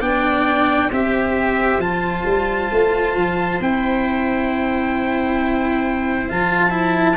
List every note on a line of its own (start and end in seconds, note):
0.00 0.90 B3
0.00 0.90 D4
0.00 0.89 D5
0.00 0.91 G5
0.89 1.78 C4
0.89 1.81 G4
0.89 7.16 C5
0.89 1.80 E5
1.78 2.23 F3
1.78 3.60 F4
1.78 3.60 A5
2.25 2.70 G3
2.71 3.16 A3
3.16 3.60 F3
3.60 6.29 C4
3.60 6.29 E4
3.60 6.30 G5
6.29 7.16 F3
6.29 6.70 F4
6.29 7.16 A5
6.70 7.14 E4